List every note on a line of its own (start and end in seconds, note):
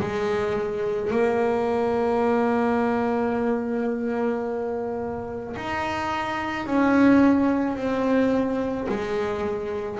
0.00 1.11 G#3
1.11 5.56 A#3
5.56 6.66 D#4
6.66 7.76 C#4
7.76 8.87 C4
8.89 9.99 G#3